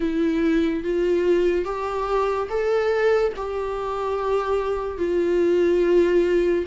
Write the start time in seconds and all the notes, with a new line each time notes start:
0.00 E4
0.83 F4
1.64 G4
2.49 A4
3.36 G4
4.98 F4